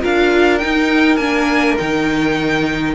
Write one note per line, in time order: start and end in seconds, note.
0.00 0.63 D4
0.00 0.59 F4
0.00 2.94 A#4
0.00 0.58 F5
0.58 1.19 D#4
0.58 1.17 D#4
0.58 1.16 G5
1.16 1.75 A#3
1.16 1.78 D4
1.16 1.75 G#5
1.77 2.95 D#3
1.77 2.95 D#4
1.77 2.95 G5